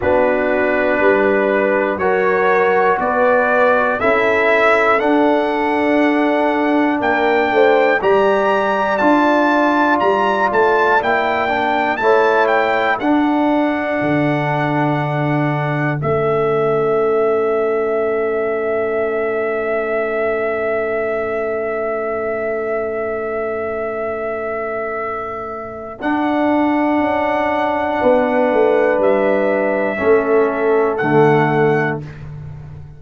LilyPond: <<
  \new Staff \with { instrumentName = "trumpet" } { \time 4/4 \tempo 4 = 60 b'2 cis''4 d''4 | e''4 fis''2 g''4 | ais''4 a''4 ais''8 a''8 g''4 | a''8 g''8 fis''2. |
e''1~ | e''1~ | e''2 fis''2~ | fis''4 e''2 fis''4 | }
  \new Staff \with { instrumentName = "horn" } { \time 4/4 fis'4 b'4 ais'4 b'4 | a'2. ais'8 c''8 | d''1 | cis''4 a'2.~ |
a'1~ | a'1~ | a'1 | b'2 a'2 | }
  \new Staff \with { instrumentName = "trombone" } { \time 4/4 d'2 fis'2 | e'4 d'2. | g'4 f'2 e'8 d'8 | e'4 d'2. |
cis'1~ | cis'1~ | cis'2 d'2~ | d'2 cis'4 a4 | }
  \new Staff \with { instrumentName = "tuba" } { \time 4/4 b4 g4 fis4 b4 | cis'4 d'2 ais8 a8 | g4 d'4 g8 a8 ais4 | a4 d'4 d2 |
a1~ | a1~ | a2 d'4 cis'4 | b8 a8 g4 a4 d4 | }
>>